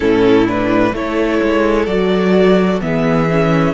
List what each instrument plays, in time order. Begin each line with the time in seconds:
0.00 cello A2, viola C#4, violin E4 A4
0.46 viola D4, violin B4
0.93 cello A3, viola E4, violin A4 C#5
1.42 cello G#3
1.86 cello F#3, viola F#4, violin D5
2.81 cello E3, viola B3, violin G#4 E5
3.30 viola C#4